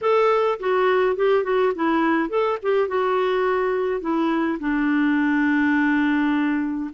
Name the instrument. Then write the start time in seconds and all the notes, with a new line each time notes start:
clarinet
0.01 A4
0.59 F#4
1.16 G4
1.43 F#4
1.75 E4
2.29 A4
2.62 G4
2.88 F#4
4.00 E4
4.59 D4